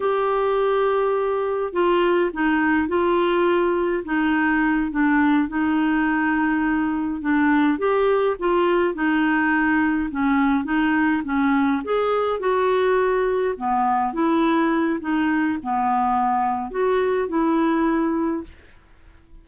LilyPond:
\new Staff \with { instrumentName = "clarinet" } { \time 4/4 \tempo 4 = 104 g'2. f'4 | dis'4 f'2 dis'4~ | dis'8 d'4 dis'2~ dis'8~ | dis'8 d'4 g'4 f'4 dis'8~ |
dis'4. cis'4 dis'4 cis'8~ | cis'8 gis'4 fis'2 b8~ | b8 e'4. dis'4 b4~ | b4 fis'4 e'2 | }